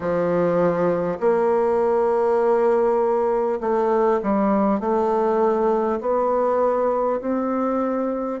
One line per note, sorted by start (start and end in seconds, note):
0.00 1.18 F3
1.20 3.60 A#3
3.60 4.20 A3
4.22 4.79 G3
4.79 5.99 A3
6.00 7.20 B3
7.20 8.40 C4